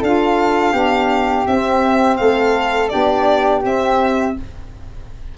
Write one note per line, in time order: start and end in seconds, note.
0.00 0.73 D4
0.00 0.73 F4
0.00 0.72 A4
0.00 1.47 F5
0.72 1.45 B3
0.72 1.45 D4
0.72 2.17 G4
1.47 2.20 C4
1.47 2.90 C4
1.47 2.17 E5
2.17 2.93 A3
2.17 2.92 A4
2.17 2.89 F5
2.89 3.64 B3
2.89 3.62 D4
2.89 4.36 G4
2.89 3.61 D5
3.63 4.35 C4
3.63 4.36 C4
3.63 4.38 E5